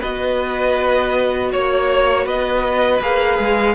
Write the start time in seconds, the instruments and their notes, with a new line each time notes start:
0.00 cello B3, viola F#4, violin B4 D#5
1.51 cello A#3, violin C#5
2.25 cello B3, violin B4 D#5
3.01 cello A#3, viola G#4, violin F5
3.39 cello G#3